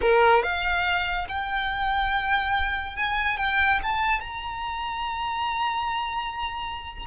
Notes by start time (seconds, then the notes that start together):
0.01 A#4
0.42 F5
1.28 G5
2.96 G#5
3.37 G5
3.82 A5
4.20 A#5